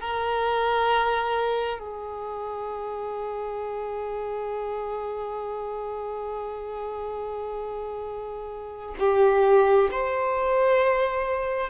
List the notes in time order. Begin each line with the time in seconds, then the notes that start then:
0.00 A#4
1.79 G#4
8.99 G4
9.91 C5